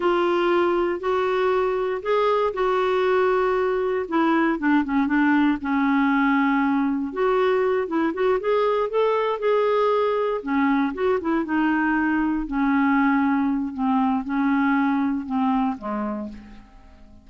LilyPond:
\new Staff \with { instrumentName = "clarinet" } { \time 4/4 \tempo 4 = 118 f'2 fis'2 | gis'4 fis'2. | e'4 d'8 cis'8 d'4 cis'4~ | cis'2 fis'4. e'8 |
fis'8 gis'4 a'4 gis'4.~ | gis'8 cis'4 fis'8 e'8 dis'4.~ | dis'8 cis'2~ cis'8 c'4 | cis'2 c'4 gis4 | }